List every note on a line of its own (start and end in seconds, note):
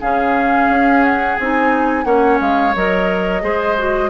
0.00 0.69 C#3
0.00 1.37 C#4
0.00 2.05 G#4
0.00 1.04 F5
0.69 1.37 C#4
1.04 1.36 F#5
1.36 2.05 C4
1.36 2.04 D#4
1.36 2.04 G#5
2.04 2.39 A#3
2.04 2.73 C#4
2.04 3.42 C#5
2.04 2.38 F#5
2.40 2.74 G#3
2.40 2.75 F5
2.75 3.42 F#3
2.75 3.41 A#4
2.75 4.10 D#5
3.41 4.10 G#3
3.41 3.75 G#4
3.41 4.10 C5
3.78 4.10 F#4